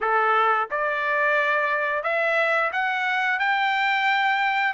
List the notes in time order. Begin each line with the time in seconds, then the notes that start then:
0.00 A4
0.70 D5
2.03 E5
2.72 F#5
3.39 G5